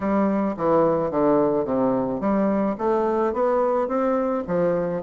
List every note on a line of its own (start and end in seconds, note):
0.00 0.55 G3
0.56 1.11 E3
1.11 1.65 D3
1.65 2.20 C3
2.20 2.76 G3
2.78 3.33 A3
3.33 3.88 B3
3.88 4.43 C4
4.47 5.03 F3